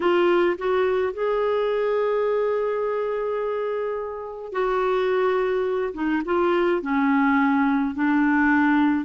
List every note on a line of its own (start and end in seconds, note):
0.00 0.56 F4
0.57 1.13 F#4
1.13 4.52 G#4
4.52 5.93 F#4
5.94 6.22 D#4
6.25 6.82 F4
6.82 7.95 C#4
7.95 9.05 D4